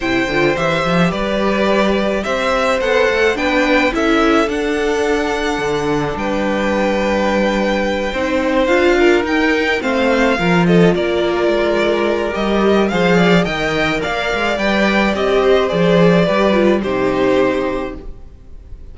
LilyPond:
<<
  \new Staff \with { instrumentName = "violin" } { \time 4/4 \tempo 4 = 107 g''4 e''4 d''2 | e''4 fis''4 g''4 e''4 | fis''2. g''4~ | g''2.~ g''8 f''8~ |
f''8 g''4 f''4. dis''8 d''8~ | d''2 dis''4 f''4 | g''4 f''4 g''4 dis''4 | d''2 c''2 | }
  \new Staff \with { instrumentName = "violin" } { \time 4/4 c''2 b'2 | c''2 b'4 a'4~ | a'2. b'4~ | b'2~ b'8 c''4. |
ais'4. c''4 ais'8 a'8 ais'8~ | ais'2. c''8 d''8 | dis''4 d''2~ d''8 c''8~ | c''4 b'4 g'2 | }
  \new Staff \with { instrumentName = "viola" } { \time 4/4 e'8 f'8 g'2.~ | g'4 a'4 d'4 e'4 | d'1~ | d'2~ d'8 dis'4 f'8~ |
f'8 dis'4 c'4 f'4.~ | f'2 g'4 gis'4 | ais'2 b'4 g'4 | gis'4 g'8 f'8 dis'2 | }
  \new Staff \with { instrumentName = "cello" } { \time 4/4 c8 d8 e8 f8 g2 | c'4 b8 a8 b4 cis'4 | d'2 d4 g4~ | g2~ g8 c'4 d'8~ |
d'8 dis'4 a4 f4 ais8~ | ais8 gis4. g4 f4 | dis4 ais8 gis8 g4 c'4 | f4 g4 c2 | }
>>